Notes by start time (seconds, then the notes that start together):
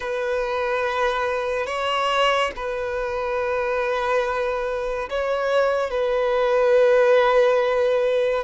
0.00 B4
1.66 C#5
2.55 B4
5.09 C#5
5.90 B4